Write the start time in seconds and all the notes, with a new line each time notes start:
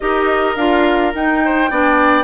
0.00 D#4 G4 A#4 D#5
0.56 D4 F4 F5
1.14 D#4 G5
1.44 C5
1.70 B3 D4 D5